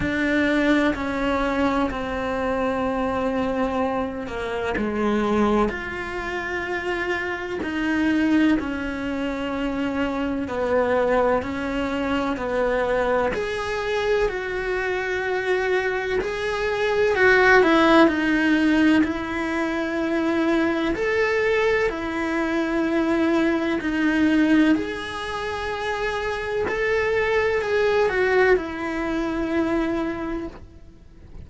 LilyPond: \new Staff \with { instrumentName = "cello" } { \time 4/4 \tempo 4 = 63 d'4 cis'4 c'2~ | c'8 ais8 gis4 f'2 | dis'4 cis'2 b4 | cis'4 b4 gis'4 fis'4~ |
fis'4 gis'4 fis'8 e'8 dis'4 | e'2 a'4 e'4~ | e'4 dis'4 gis'2 | a'4 gis'8 fis'8 e'2 | }